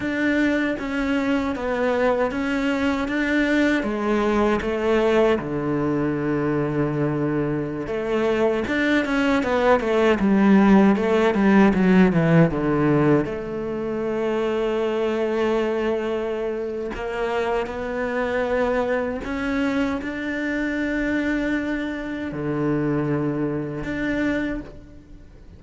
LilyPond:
\new Staff \with { instrumentName = "cello" } { \time 4/4 \tempo 4 = 78 d'4 cis'4 b4 cis'4 | d'4 gis4 a4 d4~ | d2~ d16 a4 d'8 cis'16~ | cis'16 b8 a8 g4 a8 g8 fis8 e16~ |
e16 d4 a2~ a8.~ | a2 ais4 b4~ | b4 cis'4 d'2~ | d'4 d2 d'4 | }